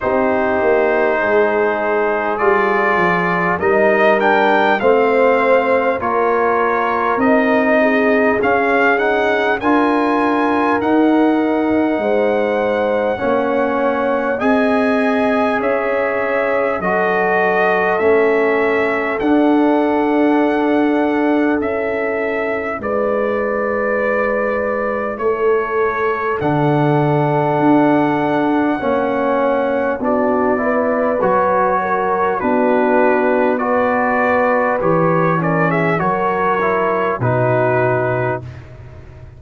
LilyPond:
<<
  \new Staff \with { instrumentName = "trumpet" } { \time 4/4 \tempo 4 = 50 c''2 d''4 dis''8 g''8 | f''4 cis''4 dis''4 f''8 fis''8 | gis''4 fis''2. | gis''4 e''4 dis''4 e''4 |
fis''2 e''4 d''4~ | d''4 cis''4 fis''2~ | fis''4 d''4 cis''4 b'4 | d''4 cis''8 d''16 e''16 cis''4 b'4 | }
  \new Staff \with { instrumentName = "horn" } { \time 4/4 g'4 gis'2 ais'4 | c''4 ais'4. gis'4. | ais'2 c''4 cis''4 | dis''4 cis''4 a'2~ |
a'2. b'4~ | b'4 a'2. | cis''4 fis'8 b'4 ais'8 fis'4 | b'4. ais'16 gis'16 ais'4 fis'4 | }
  \new Staff \with { instrumentName = "trombone" } { \time 4/4 dis'2 f'4 dis'8 d'8 | c'4 f'4 dis'4 cis'8 dis'8 | f'4 dis'2 cis'4 | gis'2 fis'4 cis'4 |
d'2 e'2~ | e'2 d'2 | cis'4 d'8 e'8 fis'4 d'4 | fis'4 g'8 cis'8 fis'8 e'8 dis'4 | }
  \new Staff \with { instrumentName = "tuba" } { \time 4/4 c'8 ais8 gis4 g8 f8 g4 | a4 ais4 c'4 cis'4 | d'4 dis'4 gis4 ais4 | c'4 cis'4 fis4 a4 |
d'2 cis'4 gis4~ | gis4 a4 d4 d'4 | ais4 b4 fis4 b4~ | b4 e4 fis4 b,4 | }
>>